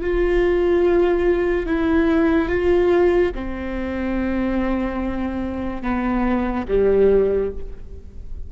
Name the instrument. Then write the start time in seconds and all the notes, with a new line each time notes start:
viola
0.00 F4
1.66 E4
2.48 F4
3.34 C4
5.82 B3
6.68 G3